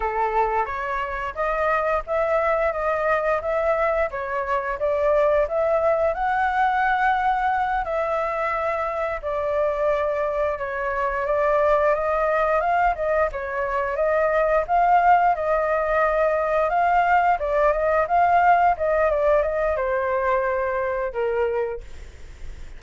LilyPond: \new Staff \with { instrumentName = "flute" } { \time 4/4 \tempo 4 = 88 a'4 cis''4 dis''4 e''4 | dis''4 e''4 cis''4 d''4 | e''4 fis''2~ fis''8 e''8~ | e''4. d''2 cis''8~ |
cis''8 d''4 dis''4 f''8 dis''8 cis''8~ | cis''8 dis''4 f''4 dis''4.~ | dis''8 f''4 d''8 dis''8 f''4 dis''8 | d''8 dis''8 c''2 ais'4 | }